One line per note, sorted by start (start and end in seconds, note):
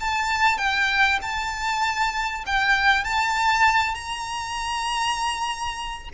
0.00 0.58 A5
0.58 1.19 G5
1.22 2.44 A5
2.47 3.04 G5
3.04 3.95 A5
3.95 6.09 A#5